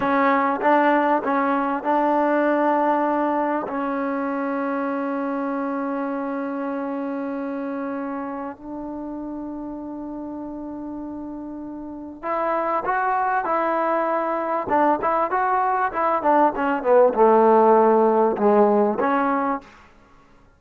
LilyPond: \new Staff \with { instrumentName = "trombone" } { \time 4/4 \tempo 4 = 98 cis'4 d'4 cis'4 d'4~ | d'2 cis'2~ | cis'1~ | cis'2 d'2~ |
d'1 | e'4 fis'4 e'2 | d'8 e'8 fis'4 e'8 d'8 cis'8 b8 | a2 gis4 cis'4 | }